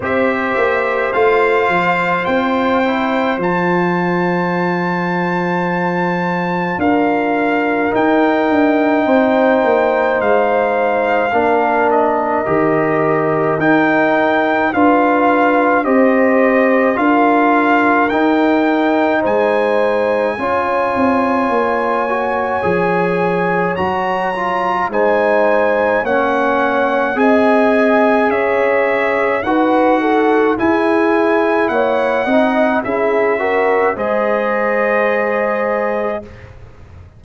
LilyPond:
<<
  \new Staff \with { instrumentName = "trumpet" } { \time 4/4 \tempo 4 = 53 e''4 f''4 g''4 a''4~ | a''2 f''4 g''4~ | g''4 f''4. dis''4. | g''4 f''4 dis''4 f''4 |
g''4 gis''2.~ | gis''4 ais''4 gis''4 fis''4 | gis''4 e''4 fis''4 gis''4 | fis''4 e''4 dis''2 | }
  \new Staff \with { instrumentName = "horn" } { \time 4/4 c''1~ | c''2 ais'2 | c''2 ais'2~ | ais'4 b'4 c''4 ais'4~ |
ais'4 c''4 cis''2~ | cis''2 c''4 cis''4 | dis''4 cis''4 b'8 a'8 gis'4 | cis''8 dis''8 gis'8 ais'8 c''2 | }
  \new Staff \with { instrumentName = "trombone" } { \time 4/4 g'4 f'4. e'8 f'4~ | f'2. dis'4~ | dis'2 d'4 g'4 | dis'4 f'4 g'4 f'4 |
dis'2 f'4. fis'8 | gis'4 fis'8 f'8 dis'4 cis'4 | gis'2 fis'4 e'4~ | e'8 dis'8 e'8 fis'8 gis'2 | }
  \new Staff \with { instrumentName = "tuba" } { \time 4/4 c'8 ais8 a8 f8 c'4 f4~ | f2 d'4 dis'8 d'8 | c'8 ais8 gis4 ais4 dis4 | dis'4 d'4 c'4 d'4 |
dis'4 gis4 cis'8 c'8 ais4 | f4 fis4 gis4 ais4 | c'4 cis'4 dis'4 e'4 | ais8 c'8 cis'4 gis2 | }
>>